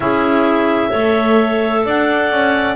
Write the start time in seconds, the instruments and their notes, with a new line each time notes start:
0.00 double bass C#4, clarinet E4 G#4 E5
0.89 double bass A3, clarinet A4 C#5
1.85 double bass D4, clarinet D5 F#5
2.30 double bass C#4